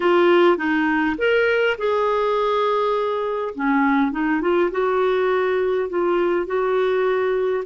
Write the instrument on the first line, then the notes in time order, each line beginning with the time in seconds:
clarinet
0.00 F4
0.57 D#4
1.18 A#4
1.78 G#4
3.55 C#4
4.11 D#4
4.41 F4
4.71 F#4
5.89 F4
6.46 F#4